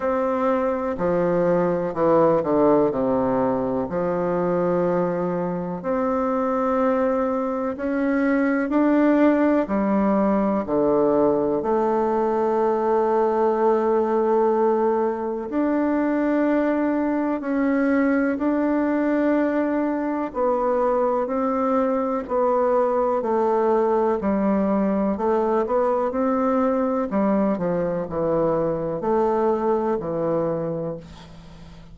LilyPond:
\new Staff \with { instrumentName = "bassoon" } { \time 4/4 \tempo 4 = 62 c'4 f4 e8 d8 c4 | f2 c'2 | cis'4 d'4 g4 d4 | a1 |
d'2 cis'4 d'4~ | d'4 b4 c'4 b4 | a4 g4 a8 b8 c'4 | g8 f8 e4 a4 e4 | }